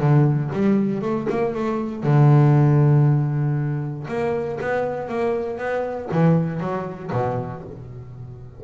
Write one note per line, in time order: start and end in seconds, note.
0.00 0.51 D3
0.53 1.02 G3
1.02 1.27 A3
1.30 1.55 A#3
1.55 2.04 A3
2.04 4.07 D3
4.08 4.59 A#3
4.61 5.09 B3
5.09 5.58 A#3
5.58 6.09 B3
6.12 6.61 E3
6.61 7.11 F#3
7.12 7.63 B2